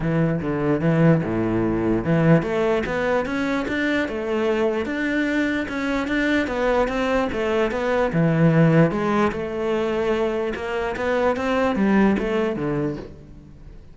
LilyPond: \new Staff \with { instrumentName = "cello" } { \time 4/4 \tempo 4 = 148 e4 d4 e4 a,4~ | a,4 e4 a4 b4 | cis'4 d'4 a2 | d'2 cis'4 d'4 |
b4 c'4 a4 b4 | e2 gis4 a4~ | a2 ais4 b4 | c'4 g4 a4 d4 | }